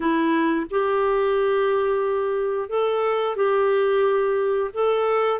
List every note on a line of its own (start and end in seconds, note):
0.00 0.66 E4
0.70 2.69 G4
2.69 3.36 A4
3.36 4.70 G4
4.73 5.40 A4